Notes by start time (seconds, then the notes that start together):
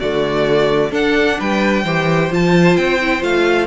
0.00 D3 A3 F#4 D5
0.91 D4 A4 F#5
1.40 G3 B4 G5
1.84 E3 G4 C5
2.31 F3 F4 A5
2.77 C4 G5
3.02 E4
3.20 A3 F4 F5